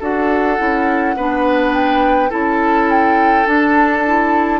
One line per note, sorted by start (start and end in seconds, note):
0.00 0.58 D4
0.00 0.58 F#4
0.00 1.15 A4
0.00 1.74 F#5
0.58 1.16 C#4
0.58 1.15 E4
1.16 2.32 B3
1.16 2.30 D4
1.16 2.30 B4
1.74 2.31 G5
2.30 3.47 C#4
2.30 3.46 E4
2.30 4.60 A4
2.30 2.90 A5
2.90 3.47 G5
3.46 4.03 D4
3.46 4.60 D4
3.46 4.60 A5
4.06 4.60 E4